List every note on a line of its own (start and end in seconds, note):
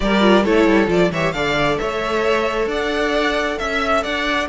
0.00 0.45 G3
0.00 0.20 G4
0.00 0.43 A#4
0.00 0.44 D5
0.20 0.43 F4
0.43 0.65 A3
0.43 0.87 E4
0.43 1.10 A4
0.43 0.89 C#5
0.65 0.87 G3
0.87 1.10 F3
0.87 1.10 F4
0.87 1.12 D5
1.11 1.33 E3
1.11 1.34 G4
1.11 1.33 C#5
1.11 1.31 E5
1.31 1.78 D3
1.31 4.48 A4
1.31 1.79 D5
1.31 1.76 F5
1.78 2.66 A3
1.78 2.68 C#5
1.78 2.67 E5
2.66 3.56 D4
2.66 3.57 D5
2.66 3.58 F#5
3.58 4.05 C#4
3.58 4.03 E5
4.03 4.48 D4
4.03 4.48 D5
4.03 4.47 F#5